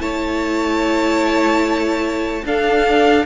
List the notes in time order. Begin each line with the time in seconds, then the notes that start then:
0.00 A3 E4 C#5 A5
2.45 D4 A4 F5